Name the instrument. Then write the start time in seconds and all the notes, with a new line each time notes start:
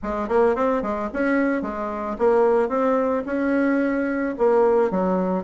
bassoon
0.02 G#3
0.28 A#3
0.55 C4
0.82 G#3
1.13 C#4
1.62 G#3
2.18 A#3
2.69 C4
3.26 C#4
4.38 A#3
4.90 F#3